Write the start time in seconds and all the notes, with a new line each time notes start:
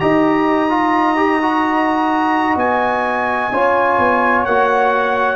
0.00 D#4 G4 D#5 A#5
0.70 F4
1.16 G4
1.42 F#4
2.56 B3 G#5
3.52 C#4 F4 C#5
3.99 B3
4.45 A#3 F#4 F#5